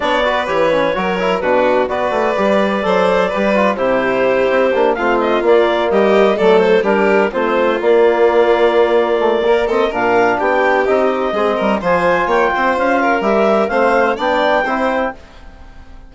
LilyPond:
<<
  \new Staff \with { instrumentName = "clarinet" } { \time 4/4 \tempo 4 = 127 d''4 cis''2 b'4 | d''1 | c''2~ c''8 f''8 dis''8 d''8~ | d''8 dis''4 d''8 c''8 ais'4 c''8~ |
c''8 d''2.~ d''8~ | d''8 dis''8 f''4 g''4 dis''4~ | dis''4 gis''4 g''4 f''4 | e''4 f''4 g''2 | }
  \new Staff \with { instrumentName = "violin" } { \time 4/4 cis''8 b'4. ais'4 fis'4 | b'2 c''4 b'4 | g'2~ g'8 f'4.~ | f'8 g'4 a'4 g'4 f'8~ |
f'1 | ais'8 a'8 ais'4 g'2 | gis'8 ais'8 c''4 cis''8 c''4 ais'8~ | ais'4 c''4 d''4 c''4 | }
  \new Staff \with { instrumentName = "trombone" } { \time 4/4 d'8 fis'8 g'8 cis'8 fis'8 e'8 d'4 | fis'4 g'4 a'4 g'8 f'8 | e'2 d'8 c'4 ais8~ | ais4. a4 d'4 c'8~ |
c'8 ais2. a8 | ais8 c'8 d'2 dis'4 | c'4 f'2. | g'4 c'4 d'4 e'4 | }
  \new Staff \with { instrumentName = "bassoon" } { \time 4/4 b4 e4 fis4 b,4 | b8 a8 g4 fis4 g4 | c4. c'8 ais8 a4 ais8~ | ais8 g4 fis4 g4 a8~ |
a8 ais2.~ ais8~ | ais4 ais,4 b4 c'4 | gis8 g8 f4 ais8 c'8 cis'4 | g4 a4 b4 c'4 | }
>>